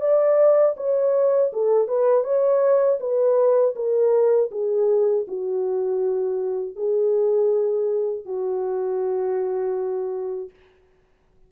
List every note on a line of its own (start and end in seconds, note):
0.00 0.75 D5
0.76 1.51 C#5
1.52 1.87 A4
1.87 2.23 B4
2.23 2.98 C#5
3.00 3.75 B4
3.75 4.50 A#4
4.51 5.26 G#4
5.27 6.76 F#4
6.76 8.25 G#4
8.25 10.50 F#4